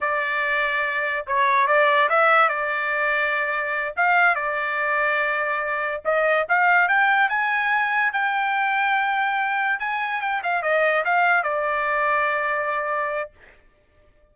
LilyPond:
\new Staff \with { instrumentName = "trumpet" } { \time 4/4 \tempo 4 = 144 d''2. cis''4 | d''4 e''4 d''2~ | d''4. f''4 d''4.~ | d''2~ d''8 dis''4 f''8~ |
f''8 g''4 gis''2 g''8~ | g''2.~ g''8 gis''8~ | gis''8 g''8 f''8 dis''4 f''4 d''8~ | d''1 | }